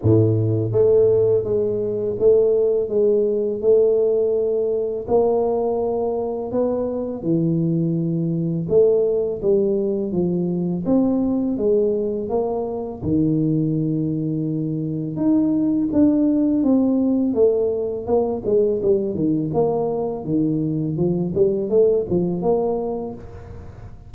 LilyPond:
\new Staff \with { instrumentName = "tuba" } { \time 4/4 \tempo 4 = 83 a,4 a4 gis4 a4 | gis4 a2 ais4~ | ais4 b4 e2 | a4 g4 f4 c'4 |
gis4 ais4 dis2~ | dis4 dis'4 d'4 c'4 | a4 ais8 gis8 g8 dis8 ais4 | dis4 f8 g8 a8 f8 ais4 | }